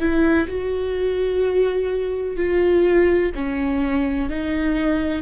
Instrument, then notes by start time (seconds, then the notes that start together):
viola
0.00 E4
0.48 F#4
2.37 F4
3.35 C#4
4.30 D#4